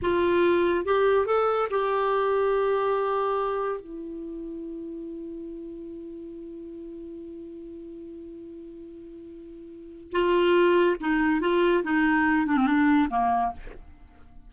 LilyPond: \new Staff \with { instrumentName = "clarinet" } { \time 4/4 \tempo 4 = 142 f'2 g'4 a'4 | g'1~ | g'4 e'2.~ | e'1~ |
e'1~ | e'1 | f'2 dis'4 f'4 | dis'4. d'16 c'16 d'4 ais4 | }